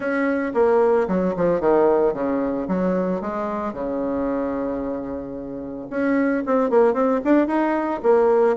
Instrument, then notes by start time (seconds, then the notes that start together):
bassoon
0.00 C#4
0.54 A#3
1.08 F#3
1.36 F3
1.60 D#3
2.13 C#3
2.68 F#3
3.21 G#3
3.73 C#3
5.90 C#4
6.46 C4
6.70 A#3
6.93 C4
7.24 D4
7.47 D#4
8.02 A#3